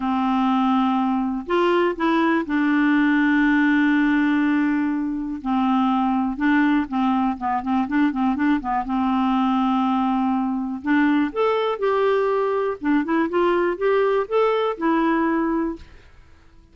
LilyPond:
\new Staff \with { instrumentName = "clarinet" } { \time 4/4 \tempo 4 = 122 c'2. f'4 | e'4 d'2.~ | d'2. c'4~ | c'4 d'4 c'4 b8 c'8 |
d'8 c'8 d'8 b8 c'2~ | c'2 d'4 a'4 | g'2 d'8 e'8 f'4 | g'4 a'4 e'2 | }